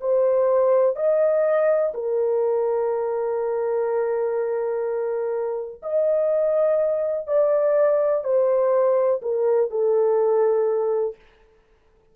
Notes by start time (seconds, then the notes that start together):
0.00 C5
0.96 D#5
1.94 A#4
5.82 D#5
7.27 D5
8.24 C5
9.22 A#4
9.70 A4